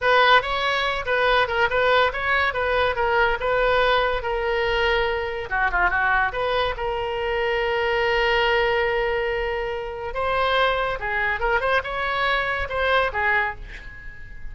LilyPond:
\new Staff \with { instrumentName = "oboe" } { \time 4/4 \tempo 4 = 142 b'4 cis''4. b'4 ais'8 | b'4 cis''4 b'4 ais'4 | b'2 ais'2~ | ais'4 fis'8 f'8 fis'4 b'4 |
ais'1~ | ais'1 | c''2 gis'4 ais'8 c''8 | cis''2 c''4 gis'4 | }